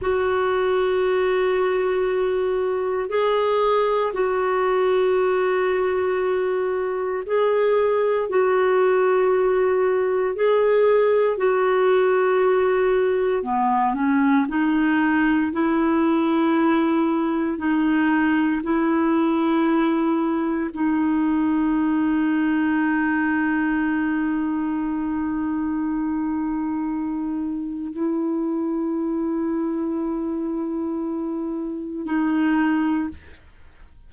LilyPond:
\new Staff \with { instrumentName = "clarinet" } { \time 4/4 \tempo 4 = 58 fis'2. gis'4 | fis'2. gis'4 | fis'2 gis'4 fis'4~ | fis'4 b8 cis'8 dis'4 e'4~ |
e'4 dis'4 e'2 | dis'1~ | dis'2. e'4~ | e'2. dis'4 | }